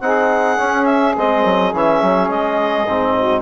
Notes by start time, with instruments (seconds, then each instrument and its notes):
0.00 bassoon C4, trombone D#4, saxophone G#4, clarinet F#5
0.57 trombone C#4, bassoon C#4
0.85 clarinet E5
1.16 bassoon G#3, trombone C4, clarinet D#5
1.44 bassoon F#3
1.73 bassoon E3, trombone C#4, clarinet E5
2.01 bassoon F#3
2.29 bassoon G#3, clarinet D#5
2.86 bassoon G#2, trombone C4
3.16 saxophone F#4